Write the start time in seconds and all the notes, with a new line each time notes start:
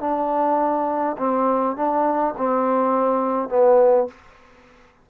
0.00 D4
1.18 C4
1.76 D4
2.37 C4
3.49 B3